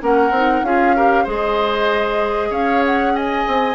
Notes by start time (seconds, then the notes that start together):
0.00 A#3 C#4 A#4 F#5
0.30 C4 D#4
0.62 C#4 F4 G#4 F5
0.96 G4 A#4
1.23 G#3 G#4 C5 D#5
2.50 C#4 C#5 F5
2.85 F#5
3.15 D#5 G#5
3.47 C4